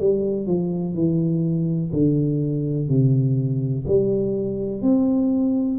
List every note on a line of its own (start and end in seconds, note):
0.00 0.47 G3
0.47 0.95 F3
0.95 1.92 E3
1.93 2.89 D3
2.89 3.85 C3
3.88 4.82 G3
4.82 5.79 C4